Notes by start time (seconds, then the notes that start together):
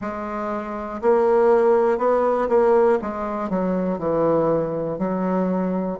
0.00 G#3
1.01 A#3
1.97 B3
2.49 A#3
3.01 G#3
3.50 F#3
3.98 E3
4.98 F#3